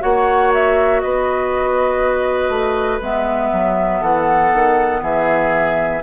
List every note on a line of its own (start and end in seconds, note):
0.00 1.03 A#3
0.00 3.00 F#4
0.00 1.01 C#5
0.00 0.52 F#5
0.53 1.00 E5
1.00 2.49 B3
1.00 4.01 B4
1.00 3.00 D#5
2.49 2.99 A3
3.01 3.51 G#3
3.01 6.02 B3
3.01 4.03 E5
3.52 4.01 F#3
4.01 4.51 E3
4.01 5.01 A4
4.01 5.03 F#5
4.53 5.02 D#3
5.02 6.02 E3
5.02 6.03 G#4
5.02 6.03 E5